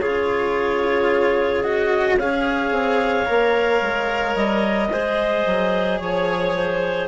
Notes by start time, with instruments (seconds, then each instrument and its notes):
0.00 bassoon C#3, cello F4, clarinet G#4 C#5
1.63 cello F#4, clarinet D#5
2.18 bassoon C#4, cello G#4, clarinet C#5 F5
2.70 bassoon C4
3.26 bassoon A#3, cello A#4
3.81 bassoon G#3
4.35 bassoon G3, clarinet D#5
4.90 bassoon G#3, cello G#4, clarinet C5
5.46 bassoon F#3
5.99 bassoon F3, clarinet C#5
6.55 clarinet C5